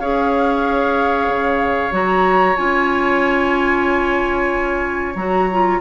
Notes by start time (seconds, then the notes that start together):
0.00 C#4 G#4 C#5 F5
1.29 C#3
1.92 F#3 F#4 A#5
2.57 C#4 F4 G#5
5.16 F#3 F#4 A#5
5.52 F4